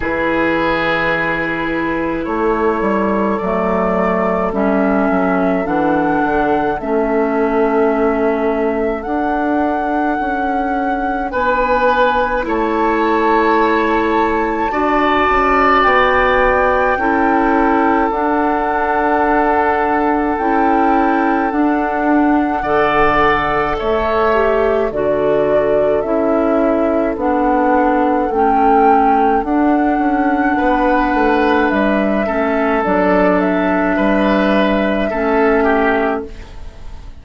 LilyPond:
<<
  \new Staff \with { instrumentName = "flute" } { \time 4/4 \tempo 4 = 53 b'2 cis''4 d''4 | e''4 fis''4 e''2 | fis''2 gis''4 a''4~ | a''2 g''2 |
fis''2 g''4 fis''4~ | fis''4 e''4 d''4 e''4 | fis''4 g''4 fis''2 | e''4 d''8 e''2~ e''8 | }
  \new Staff \with { instrumentName = "oboe" } { \time 4/4 gis'2 a'2~ | a'1~ | a'2 b'4 cis''4~ | cis''4 d''2 a'4~ |
a'1 | d''4 cis''4 a'2~ | a'2. b'4~ | b'8 a'4. b'4 a'8 g'8 | }
  \new Staff \with { instrumentName = "clarinet" } { \time 4/4 e'2. a4 | cis'4 d'4 cis'2 | d'2. e'4~ | e'4 fis'2 e'4 |
d'2 e'4 d'4 | a'4. g'8 fis'4 e'4 | d'4 cis'4 d'2~ | d'8 cis'8 d'2 cis'4 | }
  \new Staff \with { instrumentName = "bassoon" } { \time 4/4 e2 a8 g8 fis4 | g8 fis8 e8 d8 a2 | d'4 cis'4 b4 a4~ | a4 d'8 cis'8 b4 cis'4 |
d'2 cis'4 d'4 | d4 a4 d4 cis'4 | b4 a4 d'8 cis'8 b8 a8 | g8 a8 fis4 g4 a4 | }
>>